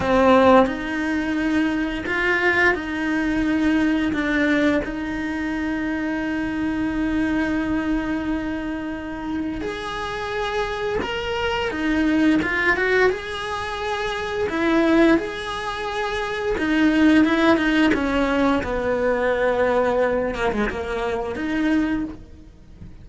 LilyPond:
\new Staff \with { instrumentName = "cello" } { \time 4/4 \tempo 4 = 87 c'4 dis'2 f'4 | dis'2 d'4 dis'4~ | dis'1~ | dis'2 gis'2 |
ais'4 dis'4 f'8 fis'8 gis'4~ | gis'4 e'4 gis'2 | dis'4 e'8 dis'8 cis'4 b4~ | b4. ais16 gis16 ais4 dis'4 | }